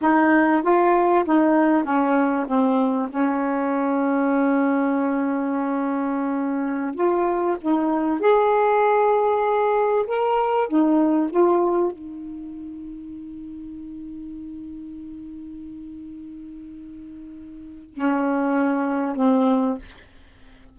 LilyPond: \new Staff \with { instrumentName = "saxophone" } { \time 4/4 \tempo 4 = 97 dis'4 f'4 dis'4 cis'4 | c'4 cis'2.~ | cis'2.~ cis'16 f'8.~ | f'16 dis'4 gis'2~ gis'8.~ |
gis'16 ais'4 dis'4 f'4 dis'8.~ | dis'1~ | dis'1~ | dis'4 cis'2 c'4 | }